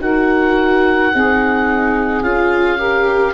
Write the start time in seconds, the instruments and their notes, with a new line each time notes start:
0.00 tuba D#4, viola F#4, saxophone A#4, oboe F#5
1.13 tuba C4, viola D#4, saxophone G#4
2.22 tuba C#4, viola F4, oboe F5
2.77 viola G4, saxophone A#4